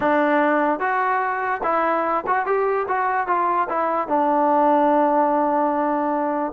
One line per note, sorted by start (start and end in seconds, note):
0.00 0.79 D4
0.79 1.61 F#4
1.63 2.24 E4
2.27 2.46 F#4
2.46 2.87 G4
2.88 3.27 F#4
3.27 3.68 F4
3.69 4.07 E4
4.07 6.52 D4